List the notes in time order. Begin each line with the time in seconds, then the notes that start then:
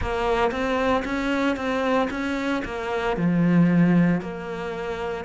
0.01 A#3
0.51 C4
1.04 C#4
1.56 C4
2.10 C#4
2.65 A#3
3.16 F3
4.21 A#3